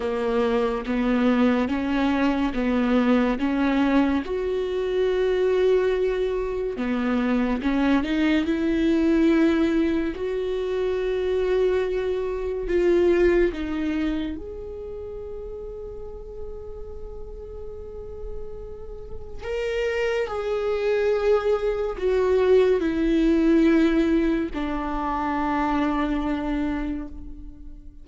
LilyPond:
\new Staff \with { instrumentName = "viola" } { \time 4/4 \tempo 4 = 71 ais4 b4 cis'4 b4 | cis'4 fis'2. | b4 cis'8 dis'8 e'2 | fis'2. f'4 |
dis'4 gis'2.~ | gis'2. ais'4 | gis'2 fis'4 e'4~ | e'4 d'2. | }